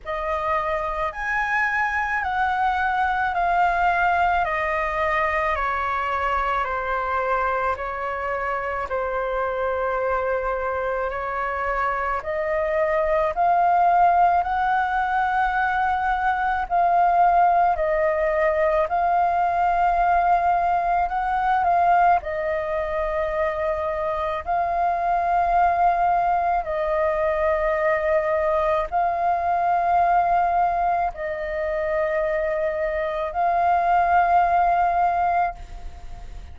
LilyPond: \new Staff \with { instrumentName = "flute" } { \time 4/4 \tempo 4 = 54 dis''4 gis''4 fis''4 f''4 | dis''4 cis''4 c''4 cis''4 | c''2 cis''4 dis''4 | f''4 fis''2 f''4 |
dis''4 f''2 fis''8 f''8 | dis''2 f''2 | dis''2 f''2 | dis''2 f''2 | }